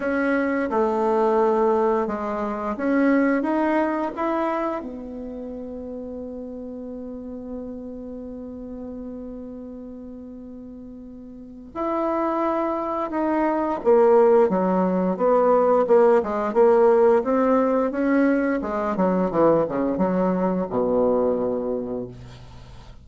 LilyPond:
\new Staff \with { instrumentName = "bassoon" } { \time 4/4 \tempo 4 = 87 cis'4 a2 gis4 | cis'4 dis'4 e'4 b4~ | b1~ | b1~ |
b4 e'2 dis'4 | ais4 fis4 b4 ais8 gis8 | ais4 c'4 cis'4 gis8 fis8 | e8 cis8 fis4 b,2 | }